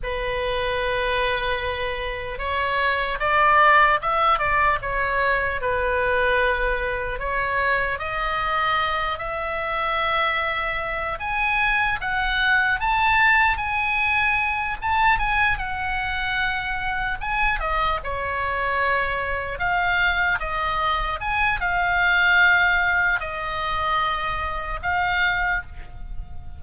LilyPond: \new Staff \with { instrumentName = "oboe" } { \time 4/4 \tempo 4 = 75 b'2. cis''4 | d''4 e''8 d''8 cis''4 b'4~ | b'4 cis''4 dis''4. e''8~ | e''2 gis''4 fis''4 |
a''4 gis''4. a''8 gis''8 fis''8~ | fis''4. gis''8 dis''8 cis''4.~ | cis''8 f''4 dis''4 gis''8 f''4~ | f''4 dis''2 f''4 | }